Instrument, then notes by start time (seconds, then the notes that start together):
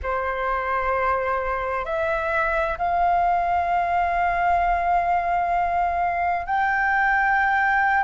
flute
0.03 C5
1.85 E5
2.77 F5
6.46 G5